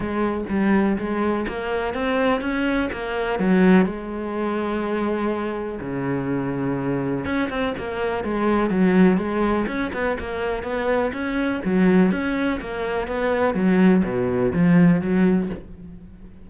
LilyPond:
\new Staff \with { instrumentName = "cello" } { \time 4/4 \tempo 4 = 124 gis4 g4 gis4 ais4 | c'4 cis'4 ais4 fis4 | gis1 | cis2. cis'8 c'8 |
ais4 gis4 fis4 gis4 | cis'8 b8 ais4 b4 cis'4 | fis4 cis'4 ais4 b4 | fis4 b,4 f4 fis4 | }